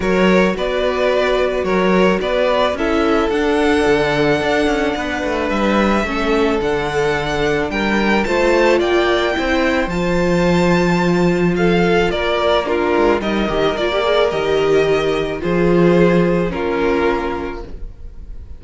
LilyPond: <<
  \new Staff \with { instrumentName = "violin" } { \time 4/4 \tempo 4 = 109 cis''4 d''2 cis''4 | d''4 e''4 fis''2~ | fis''2 e''2 | fis''2 g''4 a''4 |
g''2 a''2~ | a''4 f''4 d''4 ais'4 | dis''4 d''4 dis''2 | c''2 ais'2 | }
  \new Staff \with { instrumentName = "violin" } { \time 4/4 ais'4 b'2 ais'4 | b'4 a'2.~ | a'4 b'2 a'4~ | a'2 ais'4 c''4 |
d''4 c''2.~ | c''4 a'4 ais'4 f'4 | ais'1 | gis'2 f'2 | }
  \new Staff \with { instrumentName = "viola" } { \time 4/4 fis'1~ | fis'4 e'4 d'2~ | d'2. cis'4 | d'2. f'4~ |
f'4 e'4 f'2~ | f'2. d'4 | dis'8 g'8 f'16 g'16 gis'8 g'2 | f'2 cis'2 | }
  \new Staff \with { instrumentName = "cello" } { \time 4/4 fis4 b2 fis4 | b4 cis'4 d'4 d4 | d'8 cis'8 b8 a8 g4 a4 | d2 g4 a4 |
ais4 c'4 f2~ | f2 ais4. gis8 | g8 dis8 ais4 dis2 | f2 ais2 | }
>>